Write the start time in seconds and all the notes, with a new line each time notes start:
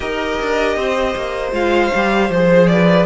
0.00 D#4 G4 A#4 D#5
0.41 D4
0.76 C4 C5
1.15 A#3
1.52 G#3 F4 F5
1.94 G3 G4
2.29 F3 G#4 C5
2.67 B4 D5